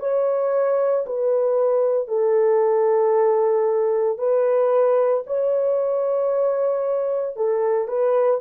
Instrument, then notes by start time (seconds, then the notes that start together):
horn
0.00 C#5
1.07 B4
2.08 A4
4.19 B4
5.27 C#5
7.36 A4
7.88 B4